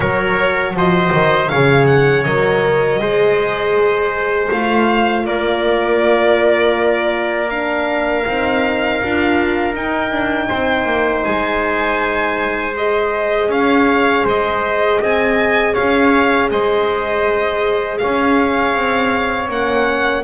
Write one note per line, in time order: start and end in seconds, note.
0.00 0.73 F#3
0.00 1.49 F#4
0.00 0.73 A#4
0.00 0.75 C#5
0.73 1.11 F3
0.73 1.50 C5
0.73 1.48 D#5
1.12 1.50 D#3
1.48 2.25 C#3
1.48 2.25 G#4
1.48 3.00 C#5
1.48 1.85 F5
1.86 2.23 F#5
2.23 2.99 F#3
2.23 3.00 A#4
2.23 4.48 D#5
2.99 4.49 G#3
2.99 4.50 G#4
2.99 5.26 C5
4.51 5.24 A3
4.51 7.50 F4
4.51 5.25 F5
5.24 8.24 A#3
5.24 10.48 A#4
5.24 7.50 D5
7.50 8.25 D4
7.50 9.75 F5
8.26 9.01 C4
8.26 9.03 D#4
9.03 9.74 D4
9.03 9.73 F4
9.73 12.73 D#4
9.73 10.11 D#4
9.73 11.23 G5
10.11 10.49 D4
10.48 10.85 C4
10.48 13.48 C5
10.85 11.22 A#3
11.23 13.48 G#3
11.23 12.73 G#5
12.77 19.49 G#4
12.77 13.51 D#5
13.48 14.23 C#4
13.48 14.24 C#5
13.48 14.26 F5
14.24 14.99 G#3
14.24 14.99 C5
14.24 15.03 D#5
15.00 15.75 C4
15.00 15.73 D#5
15.00 15.74 G#5
15.73 16.50 C#4
15.73 16.48 C#5
15.73 16.49 F5
16.50 18.00 G#3
16.50 18.01 C5
16.50 17.98 D#5
17.98 20.23 C#5
17.98 19.48 F5
18.04 18.74 C#4
18.74 19.48 C4
19.48 20.23 A#3
19.48 20.23 C#4
19.48 20.23 F#5